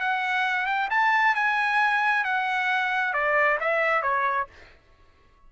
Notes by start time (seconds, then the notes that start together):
0.00 F#5
0.66 G5
0.90 A5
1.35 G#5
2.24 F#5
3.13 D5
3.60 E5
4.02 C#5